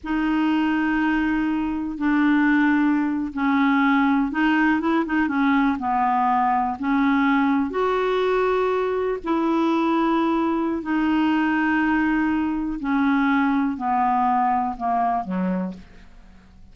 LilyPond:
\new Staff \with { instrumentName = "clarinet" } { \time 4/4 \tempo 4 = 122 dis'1 | d'2~ d'8. cis'4~ cis'16~ | cis'8. dis'4 e'8 dis'8 cis'4 b16~ | b4.~ b16 cis'2 fis'16~ |
fis'2~ fis'8. e'4~ e'16~ | e'2 dis'2~ | dis'2 cis'2 | b2 ais4 fis4 | }